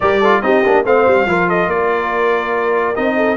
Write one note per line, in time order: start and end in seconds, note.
0.00 0.42 G3
0.00 0.22 G4
0.00 0.20 A#4
0.00 0.41 D5
0.20 0.42 F4
0.20 0.41 A4
0.41 0.63 C4
0.41 0.63 D#4
0.41 0.85 G4
0.41 0.83 D#5
0.64 0.84 A#3
0.64 0.84 D4
0.84 1.06 A3
0.84 1.27 C4
0.84 1.27 C5
0.84 1.49 F5
1.07 1.26 G3
1.26 1.66 F3
1.26 2.95 F4
1.26 1.48 A#4
1.48 1.69 A4
1.48 1.69 D#5
1.66 2.93 A#3
1.66 2.95 D5
1.73 3.16 A#4
2.95 3.36 C4
2.95 3.36 D#4
2.95 3.36 D#5
3.16 3.36 A4